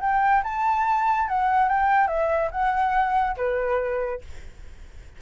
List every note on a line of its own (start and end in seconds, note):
0.00 0.42 G5
0.43 1.28 A5
1.28 1.69 F#5
1.69 2.07 G5
2.07 2.50 E5
2.51 3.36 F#5
3.37 4.21 B4